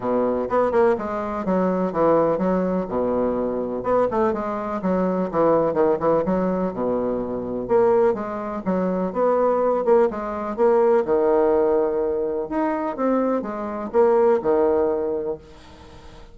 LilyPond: \new Staff \with { instrumentName = "bassoon" } { \time 4/4 \tempo 4 = 125 b,4 b8 ais8 gis4 fis4 | e4 fis4 b,2 | b8 a8 gis4 fis4 e4 | dis8 e8 fis4 b,2 |
ais4 gis4 fis4 b4~ | b8 ais8 gis4 ais4 dis4~ | dis2 dis'4 c'4 | gis4 ais4 dis2 | }